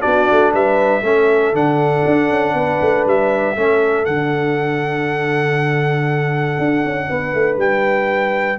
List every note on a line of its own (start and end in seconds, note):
0.00 0.30 B3
0.00 1.01 D4
0.00 0.52 F#4
0.00 0.52 D5
0.31 0.53 A3
0.52 1.02 G3
0.52 1.03 B4
0.52 1.55 E5
1.02 1.52 A3
1.02 1.54 C#4
1.02 2.55 A4
1.53 2.03 D3
1.53 3.55 D4
1.53 3.07 F#5
2.06 2.29 D4
2.29 2.53 C#4
2.53 2.79 B3
2.53 3.56 B4
2.81 3.06 A3
3.06 3.56 G3
3.06 4.05 E5
3.56 4.07 A3
3.56 4.06 C#4
3.56 7.08 A4
4.05 6.58 D3
4.05 8.58 D4
4.05 7.58 F#5
6.58 6.83 D4
6.84 7.10 C#4
7.08 7.34 B3
7.08 8.58 B4
7.34 7.57 A3
7.57 8.58 G3
7.57 8.58 G5